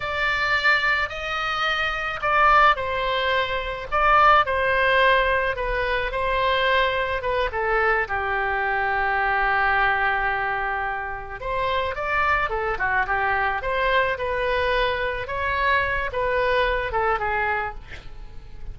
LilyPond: \new Staff \with { instrumentName = "oboe" } { \time 4/4 \tempo 4 = 108 d''2 dis''2 | d''4 c''2 d''4 | c''2 b'4 c''4~ | c''4 b'8 a'4 g'4.~ |
g'1~ | g'8 c''4 d''4 a'8 fis'8 g'8~ | g'8 c''4 b'2 cis''8~ | cis''4 b'4. a'8 gis'4 | }